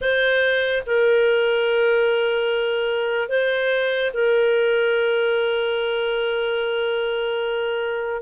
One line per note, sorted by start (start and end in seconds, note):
0.01 0.83 C5
0.86 3.29 A#4
3.29 4.11 C5
4.13 8.22 A#4